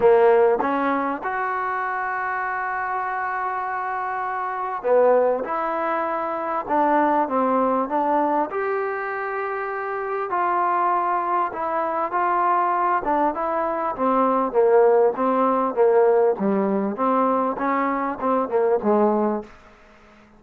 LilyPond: \new Staff \with { instrumentName = "trombone" } { \time 4/4 \tempo 4 = 99 ais4 cis'4 fis'2~ | fis'1 | b4 e'2 d'4 | c'4 d'4 g'2~ |
g'4 f'2 e'4 | f'4. d'8 e'4 c'4 | ais4 c'4 ais4 g4 | c'4 cis'4 c'8 ais8 gis4 | }